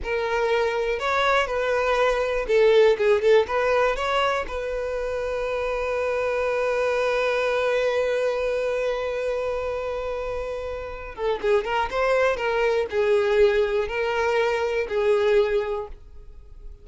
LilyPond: \new Staff \with { instrumentName = "violin" } { \time 4/4 \tempo 4 = 121 ais'2 cis''4 b'4~ | b'4 a'4 gis'8 a'8 b'4 | cis''4 b'2.~ | b'1~ |
b'1~ | b'2~ b'8 a'8 gis'8 ais'8 | c''4 ais'4 gis'2 | ais'2 gis'2 | }